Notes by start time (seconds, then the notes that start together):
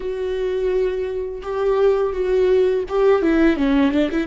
0.00 F#4
1.42 G4
2.12 F#4
2.89 G4
3.21 E4
3.56 C#4
3.91 D4
4.10 E4